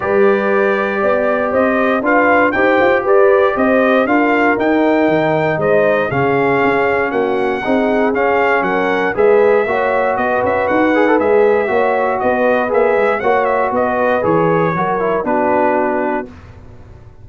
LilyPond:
<<
  \new Staff \with { instrumentName = "trumpet" } { \time 4/4 \tempo 4 = 118 d''2. dis''4 | f''4 g''4 d''4 dis''4 | f''4 g''2 dis''4 | f''2 fis''2 |
f''4 fis''4 e''2 | dis''8 e''8 fis''4 e''2 | dis''4 e''4 fis''8 e''8 dis''4 | cis''2 b'2 | }
  \new Staff \with { instrumentName = "horn" } { \time 4/4 b'2 d''4 c''4 | b'4 c''4 b'4 c''4 | ais'2. c''4 | gis'2 fis'4 gis'4~ |
gis'4 ais'4 b'4 cis''4 | b'2. cis''4 | b'2 cis''4 b'4~ | b'4 ais'4 fis'2 | }
  \new Staff \with { instrumentName = "trombone" } { \time 4/4 g'1 | f'4 g'2. | f'4 dis'2. | cis'2. dis'4 |
cis'2 gis'4 fis'4~ | fis'4. gis'16 a'16 gis'4 fis'4~ | fis'4 gis'4 fis'2 | gis'4 fis'8 e'8 d'2 | }
  \new Staff \with { instrumentName = "tuba" } { \time 4/4 g2 b4 c'4 | d'4 dis'8 f'8 g'4 c'4 | d'4 dis'4 dis4 gis4 | cis4 cis'4 ais4 c'4 |
cis'4 fis4 gis4 ais4 | b8 cis'8 dis'4 gis4 ais4 | b4 ais8 gis8 ais4 b4 | e4 fis4 b2 | }
>>